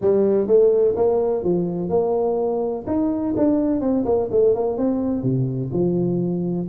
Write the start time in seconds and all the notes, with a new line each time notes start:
0.01 G3
0.47 A3
0.96 A#3
1.43 F3
1.89 A#3
2.86 D#4
3.36 D4
3.81 C4
4.05 A#3
4.31 A3
4.55 A#3
4.77 C4
5.23 C3
5.72 F3